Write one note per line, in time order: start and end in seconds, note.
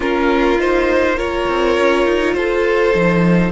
0.00 1.44 A#3
0.00 0.57 C#4
0.00 1.15 F4
0.00 0.60 A#4
0.58 1.16 D#4
0.58 1.18 C5
1.16 2.93 F4
1.16 2.34 A#4
1.16 2.34 C#5
1.49 1.77 C4
1.77 2.05 C#4
2.05 2.35 D#4
2.34 2.94 F4
2.34 3.51 A4
2.34 3.51 C5
2.94 3.51 F3
2.94 3.51 D#4